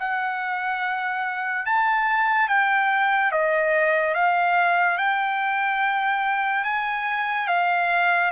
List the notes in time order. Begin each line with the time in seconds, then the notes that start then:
0.00 F#5
1.66 A5
2.49 G5
3.32 D#5
4.15 F5
4.98 G5
6.65 G#5
7.48 F5